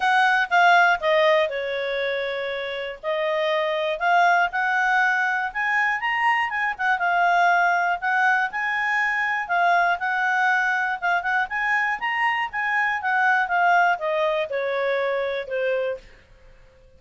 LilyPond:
\new Staff \with { instrumentName = "clarinet" } { \time 4/4 \tempo 4 = 120 fis''4 f''4 dis''4 cis''4~ | cis''2 dis''2 | f''4 fis''2 gis''4 | ais''4 gis''8 fis''8 f''2 |
fis''4 gis''2 f''4 | fis''2 f''8 fis''8 gis''4 | ais''4 gis''4 fis''4 f''4 | dis''4 cis''2 c''4 | }